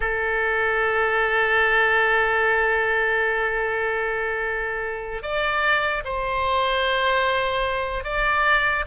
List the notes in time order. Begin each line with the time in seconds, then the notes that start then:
0.00 A4
5.22 D5
6.04 C5
8.04 D5